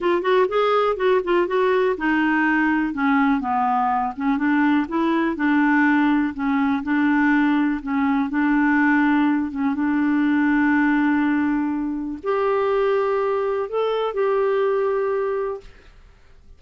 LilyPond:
\new Staff \with { instrumentName = "clarinet" } { \time 4/4 \tempo 4 = 123 f'8 fis'8 gis'4 fis'8 f'8 fis'4 | dis'2 cis'4 b4~ | b8 cis'8 d'4 e'4 d'4~ | d'4 cis'4 d'2 |
cis'4 d'2~ d'8 cis'8 | d'1~ | d'4 g'2. | a'4 g'2. | }